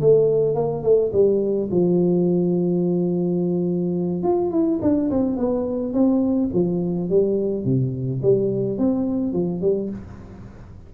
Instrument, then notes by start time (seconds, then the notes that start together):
tuba
0.00 A3
0.55 A#3
0.82 A3
1.12 G3
1.71 F3
4.22 F4
4.51 E4
4.81 D4
5.10 C4
5.37 B3
5.93 C4
6.53 F3
7.09 G3
7.64 C3
8.22 G3
8.78 C4
9.32 F3
9.61 G3